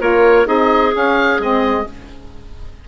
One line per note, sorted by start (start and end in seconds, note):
0.00 0.47 A#3
0.00 0.45 F4
0.00 0.47 A#4
0.00 0.47 C#5
0.45 0.94 C4
0.45 0.91 D#4
0.45 1.87 G#4
0.45 0.94 D#5
0.93 1.39 C#4
0.93 1.42 F5
1.39 1.86 G#3
1.39 1.88 C4
1.39 1.88 D#5